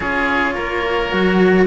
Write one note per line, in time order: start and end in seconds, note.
0.00 0.56 C#4
0.00 1.11 F4
0.00 0.54 G#4
0.00 1.66 C#5
0.54 1.12 A#3
0.54 1.65 A#4
1.11 1.67 F#3
1.11 1.66 F#4